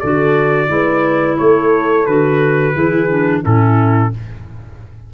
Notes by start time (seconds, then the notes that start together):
0.00 D3 F#4 A4 D5
0.68 G#3 E4 B4
1.38 A3 A4 C#5
2.06 D3 F#4 B4
2.74 E3 E4 G#4
3.09 D4
3.42 A2 C#4 E4 A4